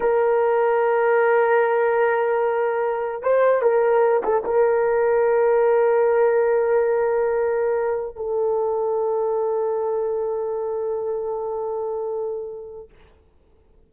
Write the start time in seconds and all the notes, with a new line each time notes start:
0.00 A#4
3.22 C5
3.62 A#4
4.23 A4
4.44 A#4
8.15 A4